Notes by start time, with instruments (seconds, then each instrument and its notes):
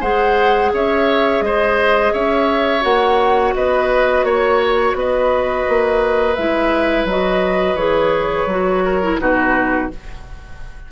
0.00 bassoon G#3, clarinet G#4, oboe C5, flute F#5
0.72 bassoon C#4, oboe C#5, flute E5
1.41 bassoon G#3, oboe C5, flute D#5
2.12 bassoon C#4, oboe C#5, flute E5
2.81 bassoon A#3, clarinet F#4, flute F#5
3.54 bassoon B3, oboe B4, flute D#5
4.23 bassoon A#3, flute C#5, oboe C#5
4.93 bassoon B3, oboe B4, flute D#5
5.68 bassoon A#3
6.35 bassoon G#3, clarinet E4, flute E5
7.04 bassoon F#3, clarinet F#4, flute D#5
7.75 bassoon E3, clarinet G#4, flute C#5
8.46 bassoon F#3, clarinet F#4
8.85 oboe A#4
9.02 clarinet E4
9.19 bassoon B2, clarinet D#4, oboe F#4, flute B4